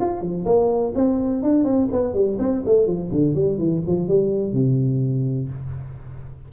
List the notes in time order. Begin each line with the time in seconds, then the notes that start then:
0.00 F4
0.21 F3
0.45 A#3
0.95 C4
1.42 D4
1.64 C4
1.92 B3
2.13 G3
2.39 C4
2.65 A3
2.86 F3
3.11 D3
3.34 G3
3.58 E3
3.86 F3
4.08 G3
4.53 C3